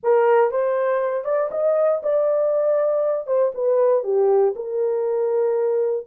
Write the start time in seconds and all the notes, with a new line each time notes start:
0.03 A#4
0.51 C5
1.24 D5
1.51 D#5
2.02 D5
3.26 C5
3.54 B4
4.03 G4
4.55 A#4